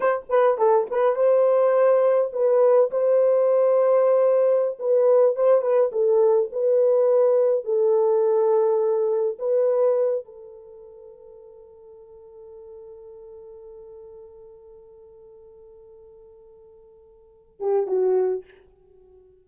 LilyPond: \new Staff \with { instrumentName = "horn" } { \time 4/4 \tempo 4 = 104 c''8 b'8 a'8 b'8 c''2 | b'4 c''2.~ | c''16 b'4 c''8 b'8 a'4 b'8.~ | b'4~ b'16 a'2~ a'8.~ |
a'16 b'4. a'2~ a'16~ | a'1~ | a'1~ | a'2~ a'8 g'8 fis'4 | }